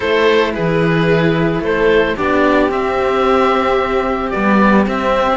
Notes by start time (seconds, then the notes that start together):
0.00 A3 E4 A4 C5
0.53 E3 G#4 B4
1.60 A3 A4 C5
2.17 B3 D4 G4 D5
2.69 C4 E5
4.30 G3 B3 D5
4.86 C4 E5